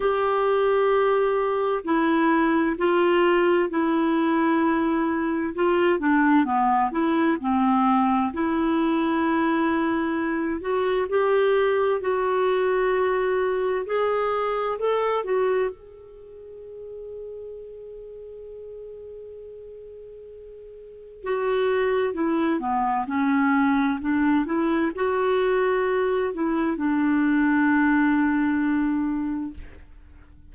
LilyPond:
\new Staff \with { instrumentName = "clarinet" } { \time 4/4 \tempo 4 = 65 g'2 e'4 f'4 | e'2 f'8 d'8 b8 e'8 | c'4 e'2~ e'8 fis'8 | g'4 fis'2 gis'4 |
a'8 fis'8 gis'2.~ | gis'2. fis'4 | e'8 b8 cis'4 d'8 e'8 fis'4~ | fis'8 e'8 d'2. | }